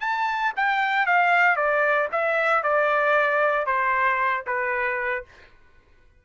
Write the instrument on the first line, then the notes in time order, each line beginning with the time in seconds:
trumpet
0.00 A5
0.56 G5
1.06 F5
1.56 D5
2.12 E5
2.63 D5
3.66 C5
4.46 B4